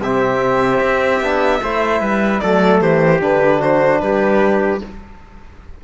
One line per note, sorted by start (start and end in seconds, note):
0.00 0.80 C3
0.00 1.23 C4
0.00 1.62 G4
0.00 2.40 E5
0.80 1.20 C4
1.20 1.60 B3
1.20 1.62 D4
1.63 2.01 A3
1.63 2.44 E4
1.63 2.01 C5
2.01 2.41 G3
2.01 2.41 B4
2.40 2.81 F#3
2.40 3.20 A3
2.40 2.83 A4
2.40 2.80 D5
2.81 3.21 E3
2.81 3.60 G4
2.81 3.21 C5
3.20 4.01 D3
3.20 4.80 D4
3.20 3.62 B4
3.60 4.00 F#4
3.60 4.01 C5
4.01 4.81 G3
4.01 4.84 G4
4.01 4.81 B4